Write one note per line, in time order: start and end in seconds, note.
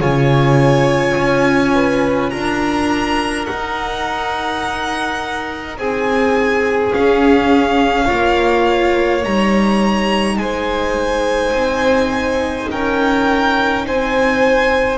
0.00 1.15 C#3
0.00 3.46 F4
0.00 1.74 C#5
0.00 2.30 G#5
1.17 2.32 C#4
1.74 2.32 B4
2.30 3.48 D4
2.30 5.78 A#4
2.30 3.45 A#5
3.45 6.92 D#4
3.45 5.77 D#4
3.45 5.76 F#5
5.77 6.93 C4
5.77 8.05 G#4
5.77 6.93 G#5
6.92 8.06 C#4
6.92 8.10 C#4
6.92 9.24 F5
8.05 9.25 A#3
8.05 9.22 F4
8.05 10.36 C#5
9.23 10.37 G3
9.23 14.98 D#4
9.23 10.37 A#5
10.37 11.52 G#3
10.37 12.70 C5
10.37 12.68 G#5
11.52 12.67 C4
12.70 13.87 C#4
12.70 13.86 A#4
12.70 13.86 G5
13.87 14.98 C4
13.87 14.98 C5
13.87 14.98 G#5